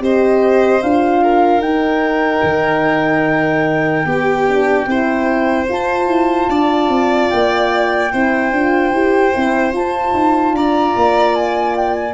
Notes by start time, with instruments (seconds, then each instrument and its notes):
0.00 tuba C4, horn G4, violin C5, flute D#5
0.82 tuba D4, horn F4, flute F5
1.22 violin A#4
1.58 tuba D#4, horn D#4, flute G5
2.43 tuba D#3
4.05 tuba B3, violin G4, horn G4
4.48 horn D4
4.86 tuba C4, horn E4, violin C5
5.69 tuba F4, horn F4, flute A5
6.07 tuba E4
6.49 tuba D4, violin D5
6.89 tuba C4
7.29 tuba A#3, flute G5
8.12 tuba C4, horn E4, violin C5
8.52 tuba D4, horn F4
8.92 tuba E4, horn G4
9.34 tuba C4, horn E4
9.72 tuba F4, horn F4, flute A5
10.13 tuba D#4
10.52 tuba D4, violin D5, flute A#5
10.96 tuba A#3
11.35 flute G#5
11.76 flute G5
11.94 flute G#5